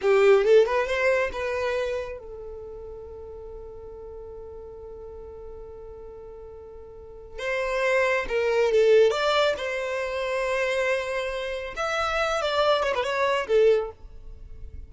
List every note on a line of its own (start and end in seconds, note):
0.01 0.44 G4
0.44 0.66 A4
0.66 0.87 B4
0.87 1.30 C5
1.32 2.18 B4
2.18 7.39 A4
7.39 8.25 C5
8.28 8.71 A#4
8.71 9.10 A4
9.10 9.54 D5
9.57 11.74 C5
11.76 12.41 E5
12.41 12.83 D5
12.83 12.93 C#5
12.94 13.03 B4
13.03 13.47 C#5
13.47 13.90 A4